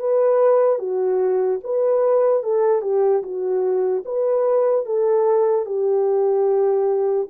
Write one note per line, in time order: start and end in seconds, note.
0.00 0.79 B4
0.79 1.60 F#4
1.64 2.44 B4
2.44 2.82 A4
2.82 3.22 G4
3.23 4.04 F#4
4.05 4.86 B4
4.86 5.66 A4
5.66 7.28 G4